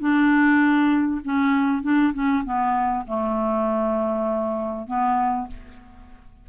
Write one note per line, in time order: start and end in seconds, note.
0.00 1.21 D4
1.24 1.83 C#4
1.83 2.13 D4
2.13 2.44 C#4
2.45 3.05 B3
3.07 4.87 A3
4.87 5.47 B3